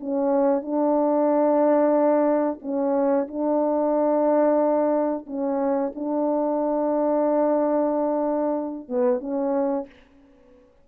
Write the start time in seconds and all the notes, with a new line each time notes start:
0.00 C#4
0.61 D4
2.62 C#4
3.28 D4
5.27 C#4
5.95 D4
8.89 B3
9.20 C#4